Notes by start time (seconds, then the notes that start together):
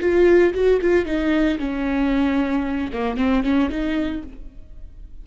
0.00 F4
0.53 F#4
0.81 F4
1.05 D#4
1.59 C#4
2.93 A#3
3.17 C4
3.43 C#4
3.69 D#4